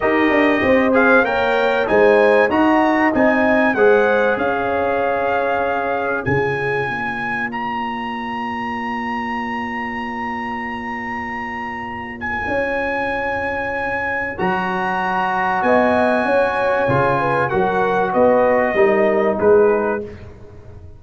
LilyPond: <<
  \new Staff \with { instrumentName = "trumpet" } { \time 4/4 \tempo 4 = 96 dis''4. f''8 g''4 gis''4 | ais''4 gis''4 fis''4 f''4~ | f''2 gis''2 | ais''1~ |
ais''2.~ ais''8 gis''8~ | gis''2. ais''4~ | ais''4 gis''2. | fis''4 dis''2 b'4 | }
  \new Staff \with { instrumentName = "horn" } { \time 4/4 ais'4 c''4 cis''4 c''4 | dis''2 c''4 cis''4~ | cis''2 gis'4 cis''4~ | cis''1~ |
cis''1~ | cis''1~ | cis''4 dis''4 cis''4. b'8 | ais'4 b'4 ais'4 gis'4 | }
  \new Staff \with { instrumentName = "trombone" } { \time 4/4 g'4. gis'8 ais'4 dis'4 | fis'4 dis'4 gis'2~ | gis'2 f'2~ | f'1~ |
f'1~ | f'2. fis'4~ | fis'2. f'4 | fis'2 dis'2 | }
  \new Staff \with { instrumentName = "tuba" } { \time 4/4 dis'8 d'8 c'4 ais4 gis4 | dis'4 c'4 gis4 cis'4~ | cis'2 cis4 ais4~ | ais1~ |
ais1 | cis'2. fis4~ | fis4 b4 cis'4 cis4 | fis4 b4 g4 gis4 | }
>>